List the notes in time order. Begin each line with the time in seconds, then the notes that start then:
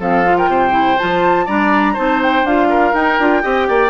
0.00 F3 C4 A4 F5
0.25 F4
0.38 A#4 G5
0.48 C3 C5
0.71 E4
0.99 F3 F4 A5
1.46 G3 D4 D5 A#5
1.94 C4 D#4 C5 A5
2.22 G5
2.44 D4 F4 F5
2.70 A#4
2.93 D#4 G5
3.19 D4 F4
3.43 C4 G4 D#5
3.69 A#3 D5